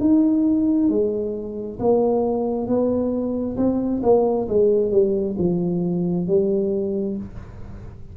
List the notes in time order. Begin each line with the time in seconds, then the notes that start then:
0.00 D#4
0.90 G#3
1.80 A#3
2.67 B3
3.57 C4
4.03 A#3
4.49 G#3
4.92 G3
5.39 F3
6.27 G3